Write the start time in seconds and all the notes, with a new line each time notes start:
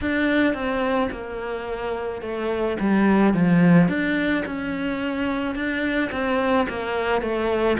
0.01 D4
0.54 C4
1.11 A#3
2.21 A3
2.80 G3
3.33 F3
3.88 D4
4.45 C#4
5.55 D4
6.11 C4
6.69 A#3
7.21 A3